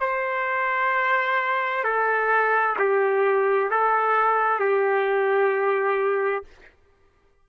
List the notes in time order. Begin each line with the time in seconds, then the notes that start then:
0.00 C5
1.84 A4
2.79 G4
3.70 A4
4.59 G4